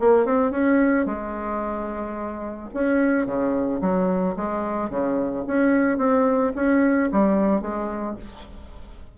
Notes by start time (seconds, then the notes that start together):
0.00 A#3
0.26 C4
0.51 C#4
1.06 G#3
2.74 C#4
3.27 C#3
3.81 F#3
4.37 G#3
4.90 C#3
5.47 C#4
5.98 C4
6.56 C#4
7.12 G3
7.62 G#3